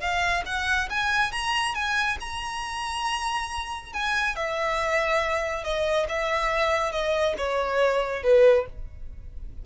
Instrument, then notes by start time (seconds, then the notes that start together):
violin
0.00 F5
0.45 F#5
0.90 G#5
1.31 A#5
1.74 G#5
2.20 A#5
3.93 G#5
4.35 E5
5.63 D#5
6.08 E5
6.91 D#5
7.37 C#5
8.22 B4